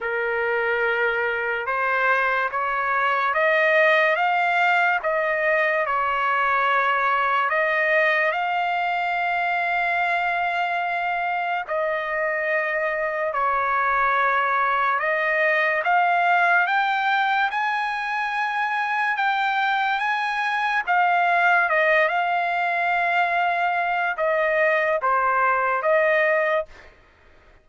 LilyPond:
\new Staff \with { instrumentName = "trumpet" } { \time 4/4 \tempo 4 = 72 ais'2 c''4 cis''4 | dis''4 f''4 dis''4 cis''4~ | cis''4 dis''4 f''2~ | f''2 dis''2 |
cis''2 dis''4 f''4 | g''4 gis''2 g''4 | gis''4 f''4 dis''8 f''4.~ | f''4 dis''4 c''4 dis''4 | }